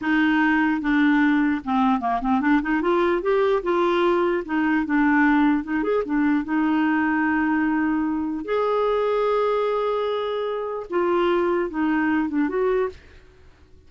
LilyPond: \new Staff \with { instrumentName = "clarinet" } { \time 4/4 \tempo 4 = 149 dis'2 d'2 | c'4 ais8 c'8 d'8 dis'8 f'4 | g'4 f'2 dis'4 | d'2 dis'8 gis'8 d'4 |
dis'1~ | dis'4 gis'2.~ | gis'2. f'4~ | f'4 dis'4. d'8 fis'4 | }